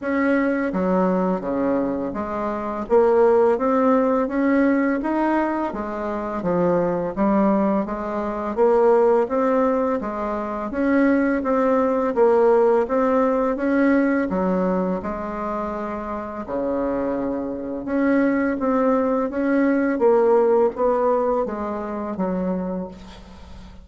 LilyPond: \new Staff \with { instrumentName = "bassoon" } { \time 4/4 \tempo 4 = 84 cis'4 fis4 cis4 gis4 | ais4 c'4 cis'4 dis'4 | gis4 f4 g4 gis4 | ais4 c'4 gis4 cis'4 |
c'4 ais4 c'4 cis'4 | fis4 gis2 cis4~ | cis4 cis'4 c'4 cis'4 | ais4 b4 gis4 fis4 | }